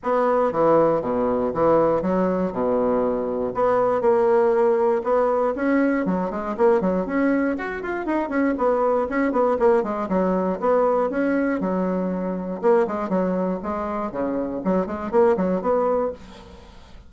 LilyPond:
\new Staff \with { instrumentName = "bassoon" } { \time 4/4 \tempo 4 = 119 b4 e4 b,4 e4 | fis4 b,2 b4 | ais2 b4 cis'4 | fis8 gis8 ais8 fis8 cis'4 fis'8 f'8 |
dis'8 cis'8 b4 cis'8 b8 ais8 gis8 | fis4 b4 cis'4 fis4~ | fis4 ais8 gis8 fis4 gis4 | cis4 fis8 gis8 ais8 fis8 b4 | }